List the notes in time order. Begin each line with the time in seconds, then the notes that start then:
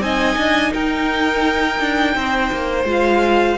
0.00 C4 D#4 D#5 G#5
0.37 D4
0.73 D#4 A#4 G5
1.80 D4
2.15 C4 C5
2.52 A#3
2.84 G#3 F4
2.92 F5